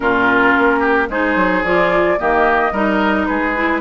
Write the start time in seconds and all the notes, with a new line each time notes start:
0.00 A#2 C#4 F4 A#4
0.58 A#3
0.79 G4
1.08 G#3 D#4 G#4 C5
1.35 F#3
1.63 F3 F4 D5
2.18 D#3 A#3 G4 D#5
2.71 G3 D#4 A#4
3.26 G#3 G#4 B4
3.56 E4